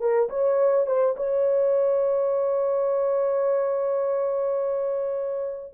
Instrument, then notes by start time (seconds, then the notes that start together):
horn
0.00 A#4
0.29 C#5
0.86 C5
1.16 C#5